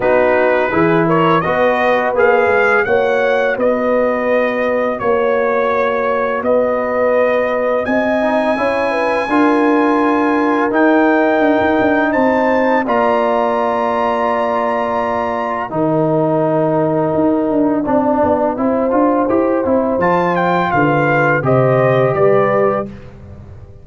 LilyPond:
<<
  \new Staff \with { instrumentName = "trumpet" } { \time 4/4 \tempo 4 = 84 b'4. cis''8 dis''4 f''4 | fis''4 dis''2 cis''4~ | cis''4 dis''2 gis''4~ | gis''2. g''4~ |
g''4 a''4 ais''2~ | ais''2 g''2~ | g''1 | a''8 g''8 f''4 dis''4 d''4 | }
  \new Staff \with { instrumentName = "horn" } { \time 4/4 fis'4 gis'8 ais'8 b'2 | cis''4 b'2 cis''4~ | cis''4 b'2 dis''4 | cis''8 b'8 ais'2.~ |
ais'4 c''4 d''2~ | d''2 ais'2~ | ais'4 d''4 c''2~ | c''4 b'4 c''4 b'4 | }
  \new Staff \with { instrumentName = "trombone" } { \time 4/4 dis'4 e'4 fis'4 gis'4 | fis'1~ | fis'2.~ fis'8 dis'8 | e'4 f'2 dis'4~ |
dis'2 f'2~ | f'2 dis'2~ | dis'4 d'4 e'8 f'8 g'8 e'8 | f'2 g'2 | }
  \new Staff \with { instrumentName = "tuba" } { \time 4/4 b4 e4 b4 ais8 gis8 | ais4 b2 ais4~ | ais4 b2 c'4 | cis'4 d'2 dis'4 |
d'16 dis'16 d'8 c'4 ais2~ | ais2 dis2 | dis'8 d'8 c'8 b8 c'8 d'8 e'8 c'8 | f4 d4 c4 g4 | }
>>